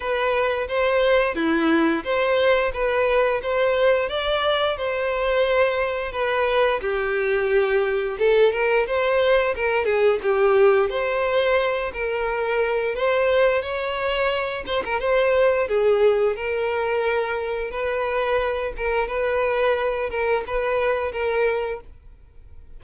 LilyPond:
\new Staff \with { instrumentName = "violin" } { \time 4/4 \tempo 4 = 88 b'4 c''4 e'4 c''4 | b'4 c''4 d''4 c''4~ | c''4 b'4 g'2 | a'8 ais'8 c''4 ais'8 gis'8 g'4 |
c''4. ais'4. c''4 | cis''4. c''16 ais'16 c''4 gis'4 | ais'2 b'4. ais'8 | b'4. ais'8 b'4 ais'4 | }